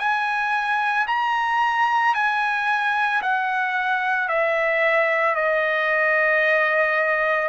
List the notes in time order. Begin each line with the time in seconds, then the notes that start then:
0.00 G#5
1.08 A#5
2.15 G#5
3.22 F#5
4.29 E5
5.36 D#5